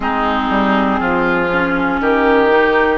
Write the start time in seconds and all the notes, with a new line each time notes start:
0.00 G#3 C4 D#4 G#4
0.49 G3
1.00 F3 F4
1.52 C#4
2.00 D#3 G4 A#4
2.50 D#4